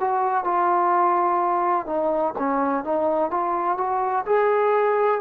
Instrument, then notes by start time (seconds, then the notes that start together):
trombone
0.00 F#4
0.45 F4
1.87 D#4
2.39 C#4
2.84 D#4
3.31 F4
3.77 F#4
4.26 G#4